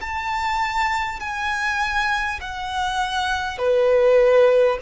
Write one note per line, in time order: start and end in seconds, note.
0.00 1.19 A5
1.19 2.39 G#5
2.41 3.58 F#5
3.58 4.78 B4